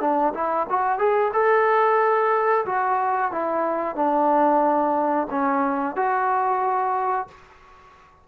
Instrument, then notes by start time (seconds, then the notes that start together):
trombone
0.00 D4
0.34 E4
0.69 F#4
0.98 G#4
1.33 A4
2.65 F#4
3.31 E4
3.95 D4
5.30 C#4
5.96 F#4